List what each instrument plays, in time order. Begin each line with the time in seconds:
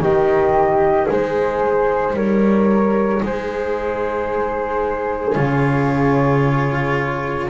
0.00 double bass D#3, cello D#4, flute G4 D#5
1.06 double bass G#3, flute G#4
1.12 flute C5
2.14 double bass G3, flute A#4 C#5
3.23 double bass G#3, flute G#4 C5
5.34 double bass C#3, cello F4, flute C#5